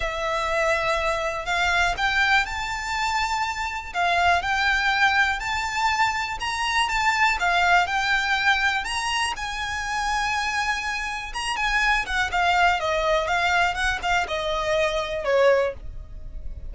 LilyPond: \new Staff \with { instrumentName = "violin" } { \time 4/4 \tempo 4 = 122 e''2. f''4 | g''4 a''2. | f''4 g''2 a''4~ | a''4 ais''4 a''4 f''4 |
g''2 ais''4 gis''4~ | gis''2. ais''8 gis''8~ | gis''8 fis''8 f''4 dis''4 f''4 | fis''8 f''8 dis''2 cis''4 | }